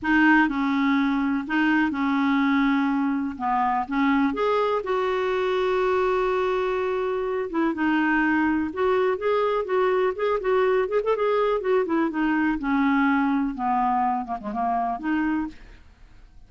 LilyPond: \new Staff \with { instrumentName = "clarinet" } { \time 4/4 \tempo 4 = 124 dis'4 cis'2 dis'4 | cis'2. b4 | cis'4 gis'4 fis'2~ | fis'2.~ fis'8 e'8 |
dis'2 fis'4 gis'4 | fis'4 gis'8 fis'4 gis'16 a'16 gis'4 | fis'8 e'8 dis'4 cis'2 | b4. ais16 gis16 ais4 dis'4 | }